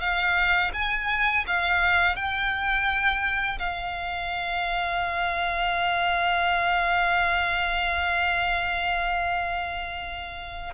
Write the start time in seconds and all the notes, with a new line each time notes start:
0.00 F5
0.73 G#5
1.47 F5
2.16 G5
3.59 F5